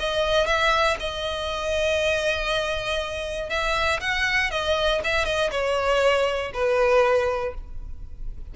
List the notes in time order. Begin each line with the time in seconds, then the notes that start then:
0.00 D#5
0.47 E5
1.00 D#5
3.50 E5
4.01 F#5
4.51 D#5
5.04 E5
5.25 D#5
5.51 C#5
6.54 B4